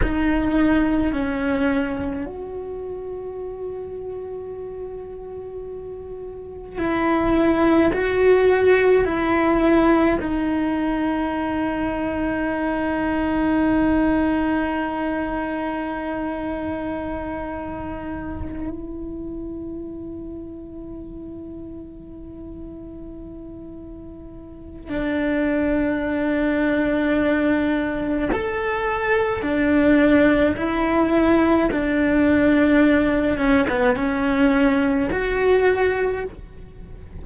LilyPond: \new Staff \with { instrumentName = "cello" } { \time 4/4 \tempo 4 = 53 dis'4 cis'4 fis'2~ | fis'2 e'4 fis'4 | e'4 dis'2.~ | dis'1~ |
dis'8 e'2.~ e'8~ | e'2 d'2~ | d'4 a'4 d'4 e'4 | d'4. cis'16 b16 cis'4 fis'4 | }